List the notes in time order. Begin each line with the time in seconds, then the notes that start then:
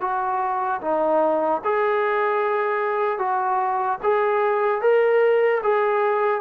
0.00 F#4
0.81 D#4
1.64 G#4
3.18 F#4
4.03 G#4
4.81 A#4
5.63 G#4